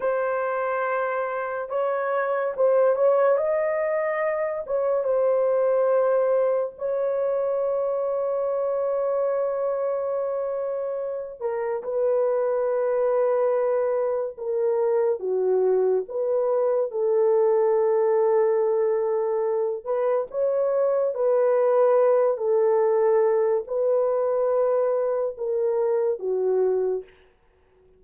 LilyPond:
\new Staff \with { instrumentName = "horn" } { \time 4/4 \tempo 4 = 71 c''2 cis''4 c''8 cis''8 | dis''4. cis''8 c''2 | cis''1~ | cis''4. ais'8 b'2~ |
b'4 ais'4 fis'4 b'4 | a'2.~ a'8 b'8 | cis''4 b'4. a'4. | b'2 ais'4 fis'4 | }